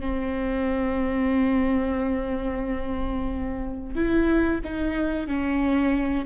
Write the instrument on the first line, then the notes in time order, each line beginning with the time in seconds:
viola
0.00 C4
3.95 E4
4.64 D#4
5.27 C#4